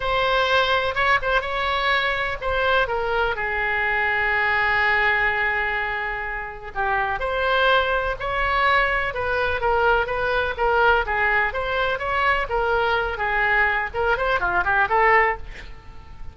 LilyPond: \new Staff \with { instrumentName = "oboe" } { \time 4/4 \tempo 4 = 125 c''2 cis''8 c''8 cis''4~ | cis''4 c''4 ais'4 gis'4~ | gis'1~ | gis'2 g'4 c''4~ |
c''4 cis''2 b'4 | ais'4 b'4 ais'4 gis'4 | c''4 cis''4 ais'4. gis'8~ | gis'4 ais'8 c''8 f'8 g'8 a'4 | }